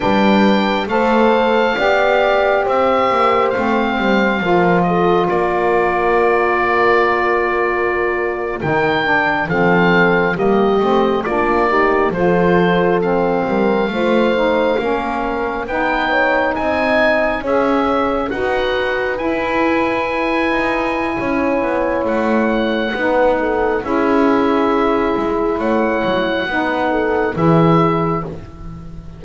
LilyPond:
<<
  \new Staff \with { instrumentName = "oboe" } { \time 4/4 \tempo 4 = 68 g''4 f''2 e''4 | f''4. dis''8 d''2~ | d''4.~ d''16 g''4 f''4 dis''16~ | dis''8. d''4 c''4 f''4~ f''16~ |
f''4.~ f''16 g''4 gis''4 e''16~ | e''8. fis''4 gis''2~ gis''16~ | gis''4 fis''2 e''4~ | e''4 fis''2 e''4 | }
  \new Staff \with { instrumentName = "horn" } { \time 4/4 b'4 c''4 d''4 c''4~ | c''4 ais'8 a'8 ais'2~ | ais'2~ ais'8. a'4 g'16~ | g'8. f'8 g'8 a'4. ais'8 c''16~ |
c''8. ais'4 b'8 cis''8 dis''4 cis''16~ | cis''8. b'2.~ b'16 | cis''2 b'8 a'8 gis'4~ | gis'4 cis''4 b'8 a'8 gis'4 | }
  \new Staff \with { instrumentName = "saxophone" } { \time 4/4 d'4 a'4 g'2 | c'4 f'2.~ | f'4.~ f'16 dis'8 d'8 c'4 ais16~ | ais16 c'8 d'8 dis'8 f'4 c'4 f'16~ |
f'16 dis'8 cis'4 dis'2 gis'16~ | gis'8. fis'4 e'2~ e'16~ | e'2 dis'4 e'4~ | e'2 dis'4 e'4 | }
  \new Staff \with { instrumentName = "double bass" } { \time 4/4 g4 a4 b4 c'8 ais8 | a8 g8 f4 ais2~ | ais4.~ ais16 dis4 f4 g16~ | g16 a8 ais4 f4. g8 a16~ |
a8. ais4 b4 c'4 cis'16~ | cis'8. dis'4 e'4. dis'8. | cis'8 b8 a4 b4 cis'4~ | cis'8 gis8 a8 fis8 b4 e4 | }
>>